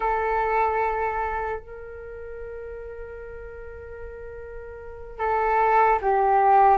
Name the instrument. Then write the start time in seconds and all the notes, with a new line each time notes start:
flute
0.00 A4
1.59 A#4
5.18 A4
6.01 G4